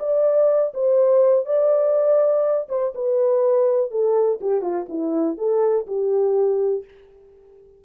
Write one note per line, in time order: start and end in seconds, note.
0.00 0.73 D5
0.74 1.46 C5
1.46 2.68 D5
2.69 2.94 C5
2.95 3.91 B4
3.91 4.40 A4
4.41 4.62 G4
4.62 4.86 F4
4.89 5.38 E4
5.38 5.87 A4
5.87 6.85 G4